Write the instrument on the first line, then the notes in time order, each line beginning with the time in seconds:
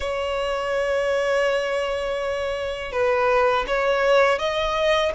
violin
0.00 C#5
2.92 B4
3.67 C#5
4.38 D#5